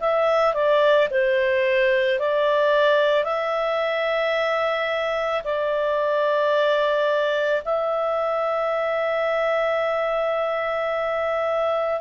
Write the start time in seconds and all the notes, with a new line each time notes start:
0.00 E5
0.54 D5
1.11 C5
2.20 D5
3.24 E5
5.44 D5
7.65 E5